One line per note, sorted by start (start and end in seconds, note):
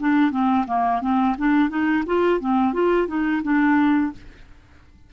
0.00 0.31 D4
0.31 0.66 C4
0.67 1.01 A#3
1.01 1.36 C4
1.38 1.69 D4
1.69 2.04 D#4
2.06 2.40 F4
2.40 2.73 C4
2.73 3.08 F4
3.08 3.42 D#4
3.43 4.12 D4